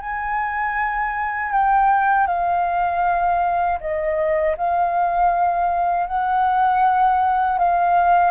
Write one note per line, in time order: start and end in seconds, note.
0.00 1.52 G#5
1.52 2.26 G5
2.26 3.78 F5
3.80 4.56 D#5
4.57 6.06 F5
6.06 7.58 F#5
7.58 8.31 F5